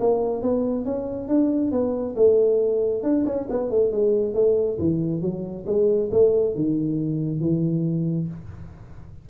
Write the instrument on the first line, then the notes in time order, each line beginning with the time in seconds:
tuba
0.00 A#3
0.42 B3
0.85 C#4
1.28 D4
1.71 B3
2.16 A3
3.03 D4
3.26 C#4
3.50 B3
3.70 A3
3.92 G#3
4.34 A3
4.79 E3
5.21 F#3
5.66 G#3
6.11 A3
6.55 D#3
7.40 E3